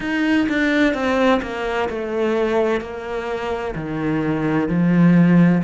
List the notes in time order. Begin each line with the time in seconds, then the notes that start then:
0.00 D#4
0.48 D4
0.94 C4
1.41 A#3
1.89 A3
2.80 A#3
3.75 D#3
4.68 F3